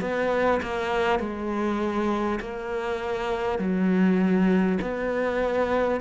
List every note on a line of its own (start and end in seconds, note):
0.00 0.60 B3
0.62 1.19 A#3
1.19 2.39 G#3
2.40 3.58 A#3
3.58 4.78 F#3
4.81 6.01 B3